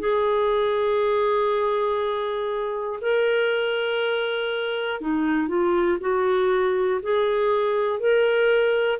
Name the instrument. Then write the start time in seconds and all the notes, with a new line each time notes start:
clarinet
0.00 G#4
3.01 A#4
5.01 D#4
5.48 F4
6.00 F#4
7.03 G#4
8.00 A#4